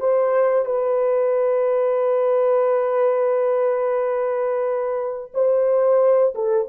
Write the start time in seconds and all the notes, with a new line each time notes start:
0.00 C5
0.65 B4
5.34 C5
6.35 A4